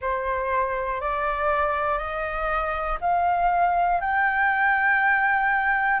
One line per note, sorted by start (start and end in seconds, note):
0.00 1.00 C5
1.00 1.98 D5
1.98 2.98 D#5
3.00 4.00 F5
4.00 6.00 G5